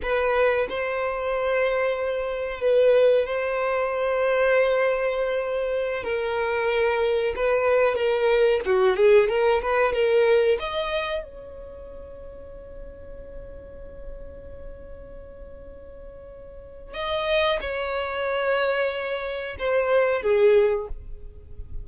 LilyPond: \new Staff \with { instrumentName = "violin" } { \time 4/4 \tempo 4 = 92 b'4 c''2. | b'4 c''2.~ | c''4~ c''16 ais'2 b'8.~ | b'16 ais'4 fis'8 gis'8 ais'8 b'8 ais'8.~ |
ais'16 dis''4 cis''2~ cis''8.~ | cis''1~ | cis''2 dis''4 cis''4~ | cis''2 c''4 gis'4 | }